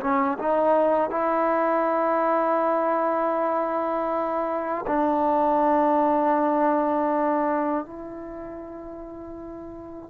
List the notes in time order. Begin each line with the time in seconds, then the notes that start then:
0.00 C#4
0.38 D#4
1.10 E4
4.86 D4
7.85 E4